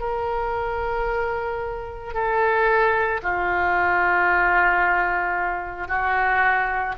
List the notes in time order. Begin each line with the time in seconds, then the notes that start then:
0.00 A#4
2.14 A4
3.23 F4
5.88 F#4